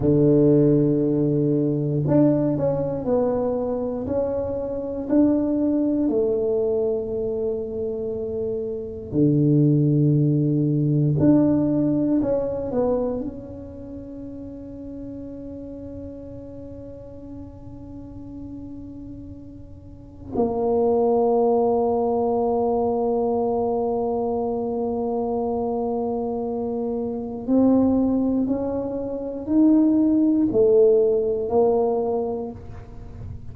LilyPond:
\new Staff \with { instrumentName = "tuba" } { \time 4/4 \tempo 4 = 59 d2 d'8 cis'8 b4 | cis'4 d'4 a2~ | a4 d2 d'4 | cis'8 b8 cis'2.~ |
cis'1 | ais1~ | ais2. c'4 | cis'4 dis'4 a4 ais4 | }